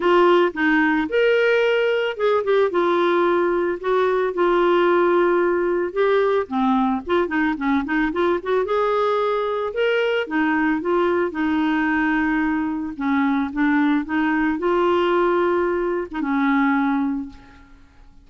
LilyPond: \new Staff \with { instrumentName = "clarinet" } { \time 4/4 \tempo 4 = 111 f'4 dis'4 ais'2 | gis'8 g'8 f'2 fis'4 | f'2. g'4 | c'4 f'8 dis'8 cis'8 dis'8 f'8 fis'8 |
gis'2 ais'4 dis'4 | f'4 dis'2. | cis'4 d'4 dis'4 f'4~ | f'4.~ f'16 dis'16 cis'2 | }